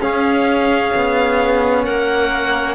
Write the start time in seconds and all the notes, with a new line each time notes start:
0.00 C#4 G#4 F5
0.96 B3
1.83 A#3 A#4 F#5